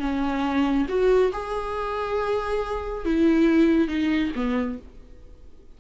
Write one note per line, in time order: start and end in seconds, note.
0.00 0.86 C#4
0.89 1.32 F#4
1.32 3.05 G#4
3.05 3.88 E4
3.88 4.31 D#4
4.35 4.78 B3